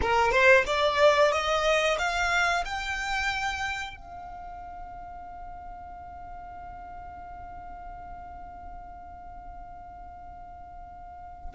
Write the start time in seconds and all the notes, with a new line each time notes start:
0.01 A#4
0.31 C5
0.66 D5
1.32 D#5
1.98 F5
2.64 G5
3.96 F5